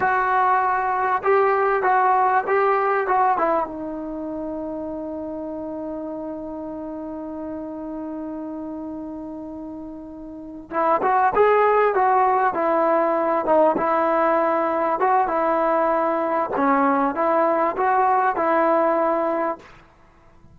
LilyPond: \new Staff \with { instrumentName = "trombone" } { \time 4/4 \tempo 4 = 98 fis'2 g'4 fis'4 | g'4 fis'8 e'8 dis'2~ | dis'1~ | dis'1~ |
dis'4. e'8 fis'8 gis'4 fis'8~ | fis'8 e'4. dis'8 e'4.~ | e'8 fis'8 e'2 cis'4 | e'4 fis'4 e'2 | }